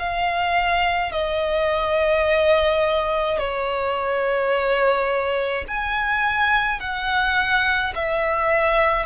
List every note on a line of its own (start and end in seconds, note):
0.00 1.13 F5
1.13 3.39 D#5
3.39 5.66 C#5
5.68 6.80 G#5
6.80 7.93 F#5
7.96 9.06 E5